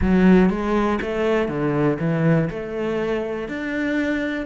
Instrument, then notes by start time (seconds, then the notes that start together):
cello
0.01 F#3
0.49 G#3
1.01 A3
1.48 D3
1.99 E3
2.50 A3
3.48 D4